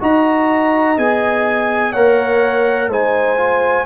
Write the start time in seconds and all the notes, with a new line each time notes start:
0.00 D#4 F#4 D#5 A#5
0.97 B3 G#4 G#5
1.92 A#3 A#4 C#5 F#5
2.88 G#3 D#4 C5 G#5
3.37 F4